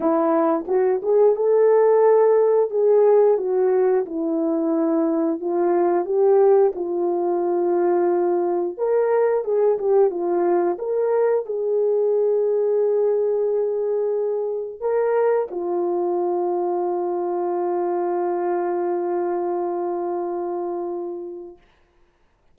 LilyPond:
\new Staff \with { instrumentName = "horn" } { \time 4/4 \tempo 4 = 89 e'4 fis'8 gis'8 a'2 | gis'4 fis'4 e'2 | f'4 g'4 f'2~ | f'4 ais'4 gis'8 g'8 f'4 |
ais'4 gis'2.~ | gis'2 ais'4 f'4~ | f'1~ | f'1 | }